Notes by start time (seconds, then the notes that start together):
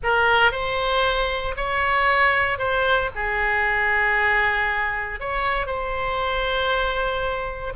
0.03 A#4
0.51 C5
1.56 C#5
2.58 C5
3.15 G#4
5.20 C#5
5.66 C5